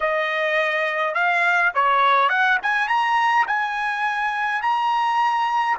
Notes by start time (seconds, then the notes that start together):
0.00 D#5
1.14 F5
1.74 C#5
2.29 F#5
2.62 G#5
2.88 A#5
3.47 G#5
4.62 A#5